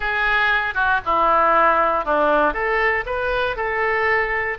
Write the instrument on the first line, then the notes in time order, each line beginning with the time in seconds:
oboe
0.00 G#4
0.74 F#4
1.05 E4
2.04 D4
2.53 A4
3.05 B4
3.56 A4